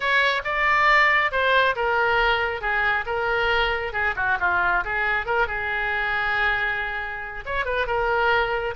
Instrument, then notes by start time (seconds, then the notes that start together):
oboe
0.00 C#5
0.44 D5
1.31 C5
1.75 A#4
2.61 G#4
3.06 A#4
3.92 G#4
4.16 F#4
4.40 F4
4.84 G#4
5.26 A#4
5.47 G#4
7.45 C#5
7.65 B4
7.86 A#4